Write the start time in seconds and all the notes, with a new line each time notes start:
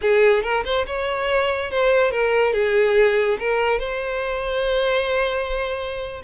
0.01 G#4
0.42 A#4
0.65 C5
0.86 C#5
1.70 C5
2.11 A#4
2.53 G#4
3.39 A#4
3.79 C5